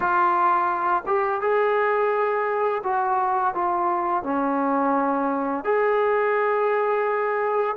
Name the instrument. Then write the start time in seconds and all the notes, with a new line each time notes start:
trombone
0.00 F4
1.06 G4
1.41 G#4
2.83 F#4
3.54 F4
4.23 C#4
5.64 G#4